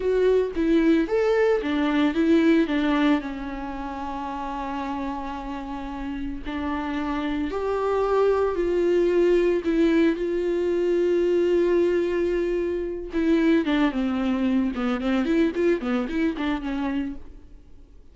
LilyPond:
\new Staff \with { instrumentName = "viola" } { \time 4/4 \tempo 4 = 112 fis'4 e'4 a'4 d'4 | e'4 d'4 cis'2~ | cis'1 | d'2 g'2 |
f'2 e'4 f'4~ | f'1~ | f'8 e'4 d'8 c'4. b8 | c'8 e'8 f'8 b8 e'8 d'8 cis'4 | }